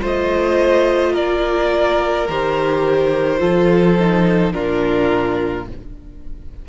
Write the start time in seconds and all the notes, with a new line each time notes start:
0.00 A3 F4 C5 D#5
1.12 A#3 A#4 D5
2.28 D#3 G4 C5
3.38 F3 F4 A4
3.99 D#4
4.52 A#2 D4 F4 A#4